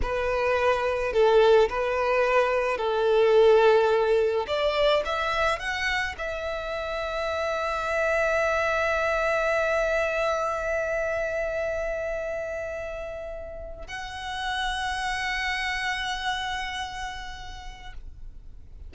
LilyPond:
\new Staff \with { instrumentName = "violin" } { \time 4/4 \tempo 4 = 107 b'2 a'4 b'4~ | b'4 a'2. | d''4 e''4 fis''4 e''4~ | e''1~ |
e''1~ | e''1~ | e''8. fis''2.~ fis''16~ | fis''1 | }